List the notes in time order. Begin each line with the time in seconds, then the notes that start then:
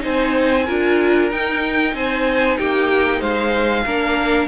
0.00 C4 D#4 C5 G#5
0.66 D4 F4 A#4
1.31 D#4 G5
1.94 C4 C5 G#5
2.57 A#3 G4 G5
3.19 G#3 C5 F5
3.86 A#3 D4 A#4